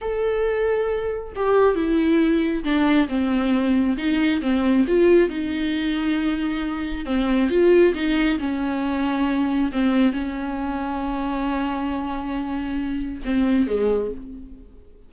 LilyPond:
\new Staff \with { instrumentName = "viola" } { \time 4/4 \tempo 4 = 136 a'2. g'4 | e'2 d'4 c'4~ | c'4 dis'4 c'4 f'4 | dis'1 |
c'4 f'4 dis'4 cis'4~ | cis'2 c'4 cis'4~ | cis'1~ | cis'2 c'4 gis4 | }